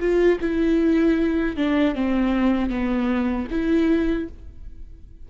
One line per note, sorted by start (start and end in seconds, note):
0.00 0.39 F4
0.41 1.57 E4
1.57 1.96 D4
1.96 2.70 C4
2.70 3.48 B3
3.51 4.29 E4